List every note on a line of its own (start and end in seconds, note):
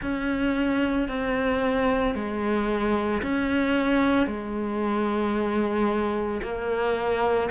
0.02 1.08 C#4
1.08 2.14 C4
2.14 3.21 G#3
3.22 4.27 C#4
4.27 6.41 G#3
6.42 7.50 A#3